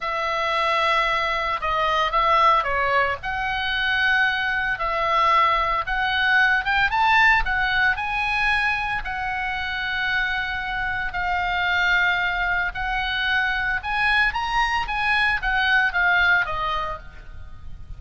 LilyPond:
\new Staff \with { instrumentName = "oboe" } { \time 4/4 \tempo 4 = 113 e''2. dis''4 | e''4 cis''4 fis''2~ | fis''4 e''2 fis''4~ | fis''8 g''8 a''4 fis''4 gis''4~ |
gis''4 fis''2.~ | fis''4 f''2. | fis''2 gis''4 ais''4 | gis''4 fis''4 f''4 dis''4 | }